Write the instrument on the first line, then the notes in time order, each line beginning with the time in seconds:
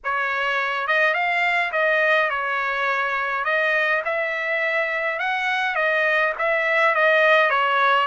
trumpet
0.03 C#5
0.87 D#5
1.14 F5
1.72 D#5
2.29 C#5
3.44 D#5
4.04 E5
5.19 F#5
5.75 D#5
6.38 E5
6.94 D#5
7.50 C#5